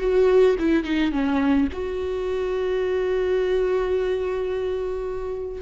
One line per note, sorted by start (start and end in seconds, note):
0.00 0.56 F#4
0.59 0.84 E4
0.84 1.12 D#4
1.12 1.68 C#4
1.73 5.62 F#4